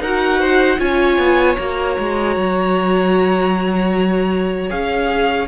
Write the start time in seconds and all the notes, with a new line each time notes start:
0.00 D#4 F#4 A#4 F#5
0.40 C5
0.78 C#4 F4 C#5 G#5
1.18 B3
1.56 A#3 F#4 A#5
1.98 G#3
2.36 F#3
4.69 C#4 G#4 F5